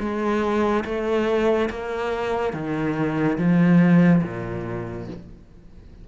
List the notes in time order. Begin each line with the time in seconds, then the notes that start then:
0.00 G#3
0.85 A3
1.71 A#3
2.54 D#3
3.38 F3
4.24 A#2